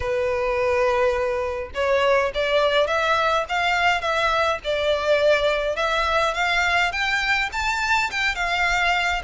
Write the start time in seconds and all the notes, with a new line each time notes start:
0.00 B4
1.74 C#5
2.34 D5
2.87 E5
3.49 F5
4.01 E5
4.64 D5
5.76 E5
6.34 F5
6.92 G5
7.52 A5
8.10 G5
8.35 F5